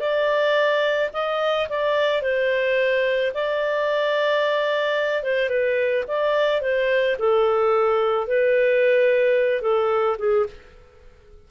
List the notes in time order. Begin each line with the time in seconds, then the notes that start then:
0.00 D5
1.13 D#5
1.69 D5
2.22 C5
3.34 D5
5.23 C5
5.49 B4
6.08 D5
6.61 C5
7.19 A4
8.27 B4
9.62 A4
10.19 G#4